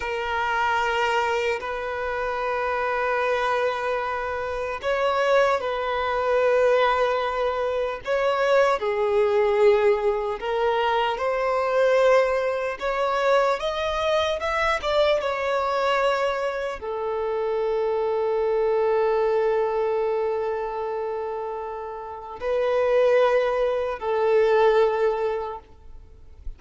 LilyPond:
\new Staff \with { instrumentName = "violin" } { \time 4/4 \tempo 4 = 75 ais'2 b'2~ | b'2 cis''4 b'4~ | b'2 cis''4 gis'4~ | gis'4 ais'4 c''2 |
cis''4 dis''4 e''8 d''8 cis''4~ | cis''4 a'2.~ | a'1 | b'2 a'2 | }